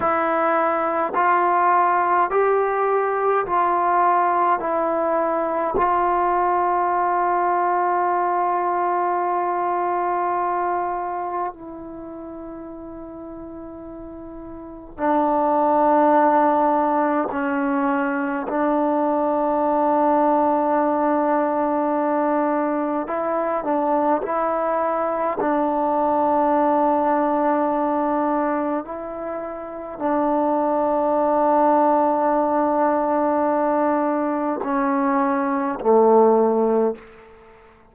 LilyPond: \new Staff \with { instrumentName = "trombone" } { \time 4/4 \tempo 4 = 52 e'4 f'4 g'4 f'4 | e'4 f'2.~ | f'2 e'2~ | e'4 d'2 cis'4 |
d'1 | e'8 d'8 e'4 d'2~ | d'4 e'4 d'2~ | d'2 cis'4 a4 | }